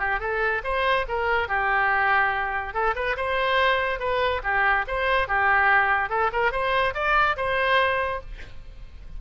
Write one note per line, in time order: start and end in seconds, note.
0.00 0.20 G4
0.20 0.62 A4
0.64 1.06 C5
1.09 1.49 A#4
1.49 2.74 G4
2.74 2.95 A4
2.96 3.17 B4
3.17 4.00 C5
4.00 4.42 B4
4.44 4.86 G4
4.88 5.28 C5
5.28 6.10 G4
6.10 6.31 A4
6.33 6.52 A#4
6.52 6.94 C5
6.95 7.37 D5
7.37 8.21 C5